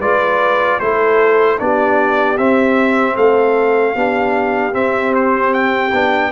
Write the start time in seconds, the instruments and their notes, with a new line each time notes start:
0.00 tuba G#3, trombone F4, horn B4, trumpet D5
0.80 tuba A3, trombone E4, horn A4, trumpet C5
1.58 tuba B3, trombone D4, horn G4, trumpet D5
2.37 tuba C4, trombone C4, trumpet E5
3.15 tuba A3, horn A4, trumpet F5
3.95 tuba B3, trombone D4, horn G4
4.72 trombone C4, tuba C4, trumpet E5
5.15 trumpet C5
5.53 trumpet G5
5.93 tuba B3, trombone D4